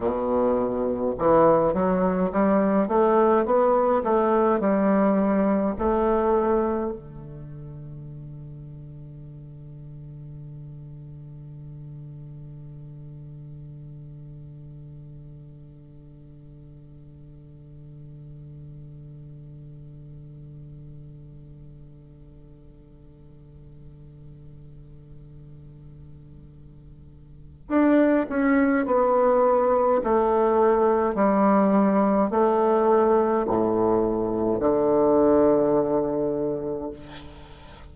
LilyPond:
\new Staff \with { instrumentName = "bassoon" } { \time 4/4 \tempo 4 = 52 b,4 e8 fis8 g8 a8 b8 a8 | g4 a4 d2~ | d1~ | d1~ |
d1~ | d1 | d'8 cis'8 b4 a4 g4 | a4 a,4 d2 | }